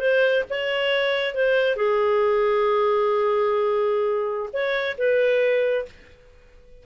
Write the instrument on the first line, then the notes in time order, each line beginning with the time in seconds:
clarinet
0.00 C5
0.50 C#5
1.35 C5
1.76 G#4
4.53 C#5
4.98 B4